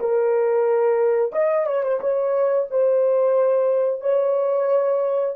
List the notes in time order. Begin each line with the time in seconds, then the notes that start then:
0.00 A#4
1.33 D#5
1.67 C#5
1.84 C5
2.00 C#5
2.71 C5
4.01 C#5